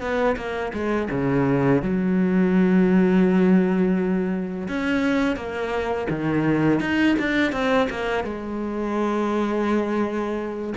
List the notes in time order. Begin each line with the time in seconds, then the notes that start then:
0.00 B3
0.36 A#3
0.73 G#3
1.10 C#3
1.82 F#3
4.68 C#4
5.36 A#3
6.09 D#3
6.80 D#4
7.19 D4
7.52 C4
7.90 A#3
8.23 G#3